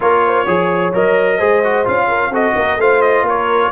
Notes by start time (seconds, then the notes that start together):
0.00 A#3 F4 A#4 C#5
0.26 C5
0.45 F3 G#4 C#5
0.93 F#3 A#4 D#5
1.37 G#3 G#4 C5
1.63 F#4
1.84 C#4 F4 F5
2.08 A#4
2.30 C4 F#4 A4 D#5
2.55 A#3 A#4
2.77 A3 F4 C5 F5
3.01 D#5
3.22 A#3 A#4
3.29 C#5